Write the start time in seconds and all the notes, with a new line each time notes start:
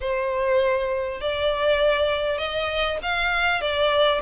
0.01 C5
1.20 D5
2.38 D#5
3.02 F5
3.61 D5